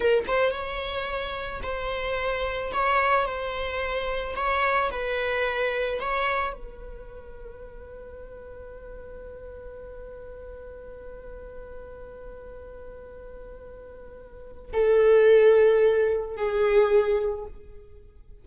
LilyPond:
\new Staff \with { instrumentName = "viola" } { \time 4/4 \tempo 4 = 110 ais'8 c''8 cis''2 c''4~ | c''4 cis''4 c''2 | cis''4 b'2 cis''4 | b'1~ |
b'1~ | b'1~ | b'2. a'4~ | a'2 gis'2 | }